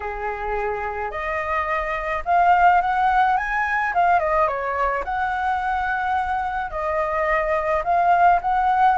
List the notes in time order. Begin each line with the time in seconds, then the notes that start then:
0.00 G#4
1.11 D#5
2.25 F5
2.81 F#5
3.37 G#5
3.94 F5
4.19 D#5
4.47 C#5
5.04 F#5
6.70 D#5
7.84 F5
8.41 F#5